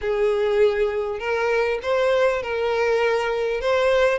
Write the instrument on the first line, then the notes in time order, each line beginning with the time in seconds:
violin
0.01 G#4
1.19 A#4
1.82 C5
2.42 A#4
3.60 C5